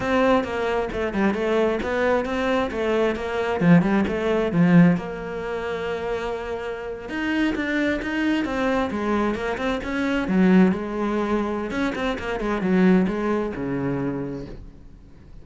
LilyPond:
\new Staff \with { instrumentName = "cello" } { \time 4/4 \tempo 4 = 133 c'4 ais4 a8 g8 a4 | b4 c'4 a4 ais4 | f8 g8 a4 f4 ais4~ | ais2.~ ais8. dis'16~ |
dis'8. d'4 dis'4 c'4 gis16~ | gis8. ais8 c'8 cis'4 fis4 gis16~ | gis2 cis'8 c'8 ais8 gis8 | fis4 gis4 cis2 | }